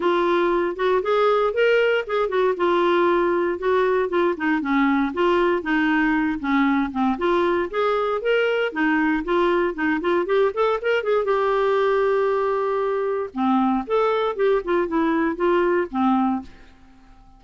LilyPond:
\new Staff \with { instrumentName = "clarinet" } { \time 4/4 \tempo 4 = 117 f'4. fis'8 gis'4 ais'4 | gis'8 fis'8 f'2 fis'4 | f'8 dis'8 cis'4 f'4 dis'4~ | dis'8 cis'4 c'8 f'4 gis'4 |
ais'4 dis'4 f'4 dis'8 f'8 | g'8 a'8 ais'8 gis'8 g'2~ | g'2 c'4 a'4 | g'8 f'8 e'4 f'4 c'4 | }